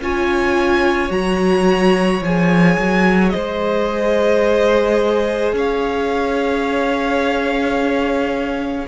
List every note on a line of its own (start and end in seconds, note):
0.00 1.10 C#4
0.00 1.10 F4
0.00 3.33 C#5
0.00 1.12 G#5
1.10 2.21 F#3
1.10 2.21 F#4
1.10 2.23 A#5
2.21 2.77 F3
2.21 8.88 G#4
2.21 3.29 G#5
2.77 3.33 F#3
3.29 5.55 C5
3.29 5.52 D#5
3.36 5.53 G#3
5.53 8.86 C#4
5.53 8.88 C#5
5.53 8.88 F5